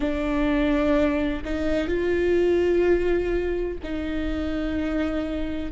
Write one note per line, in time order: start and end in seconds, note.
0.00 1.43 D4
1.44 1.87 D#4
1.87 3.77 F4
3.83 5.71 D#4